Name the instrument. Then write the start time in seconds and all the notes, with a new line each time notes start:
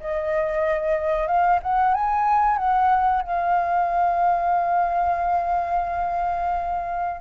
flute
0.00 D#5
1.27 F5
1.62 F#5
1.94 G#5
2.57 F#5
3.22 F5